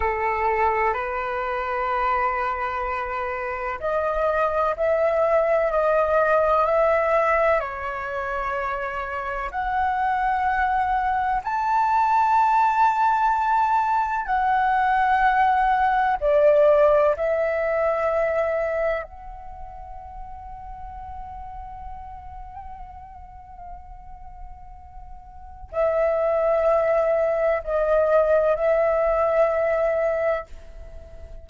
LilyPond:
\new Staff \with { instrumentName = "flute" } { \time 4/4 \tempo 4 = 63 a'4 b'2. | dis''4 e''4 dis''4 e''4 | cis''2 fis''2 | a''2. fis''4~ |
fis''4 d''4 e''2 | fis''1~ | fis''2. e''4~ | e''4 dis''4 e''2 | }